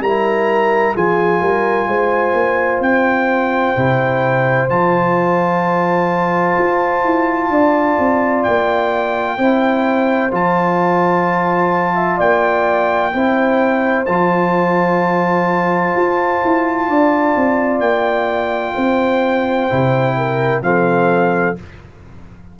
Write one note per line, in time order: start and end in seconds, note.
0.00 0.94 G3
0.00 0.95 E4
0.00 0.95 A#4
0.00 0.96 A#5
0.95 1.41 F3
0.95 3.76 F4
0.95 1.41 G#4
0.95 2.82 G#5
1.41 1.88 G3
1.41 1.88 A#4
1.88 2.34 G#3
1.88 7.51 C5
2.34 2.80 A#3
2.80 3.74 C4
2.80 4.70 G5
3.76 4.70 C3
3.76 4.69 E4
4.69 6.57 F3
4.69 9.38 F4
4.69 8.44 A5
6.59 7.04 F4
7.04 7.50 E4
7.50 7.97 D4
7.50 9.37 D5
7.99 8.46 C4
8.44 9.38 A#3
8.44 10.31 G5
9.37 10.32 C4
9.37 10.31 E4
9.37 11.95 C5
10.31 12.20 F3
10.31 13.12 F4
10.31 12.20 A5
11.95 12.18 E5
12.18 13.14 A#3
12.18 13.12 D5
12.18 14.05 G5
13.13 14.08 C4
13.13 14.06 E4
13.13 16.88 C5
14.05 15.95 F3
14.05 19.70 F4
14.05 17.80 A5
15.96 16.43 F4
16.45 16.88 E4
16.88 17.35 D4
16.88 18.75 D5
17.36 17.80 C4
17.80 18.74 A#3
17.80 20.62 G5
18.75 19.71 C4
18.75 20.16 C5
19.70 20.62 C3
19.70 20.62 E4
20.18 20.64 A#4
20.62 21.56 F3
20.62 21.56 C4
20.62 21.60 A4
20.62 21.56 F5